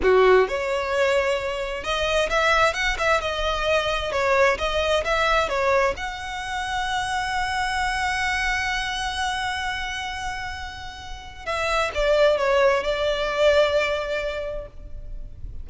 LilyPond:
\new Staff \with { instrumentName = "violin" } { \time 4/4 \tempo 4 = 131 fis'4 cis''2. | dis''4 e''4 fis''8 e''8 dis''4~ | dis''4 cis''4 dis''4 e''4 | cis''4 fis''2.~ |
fis''1~ | fis''1~ | fis''4 e''4 d''4 cis''4 | d''1 | }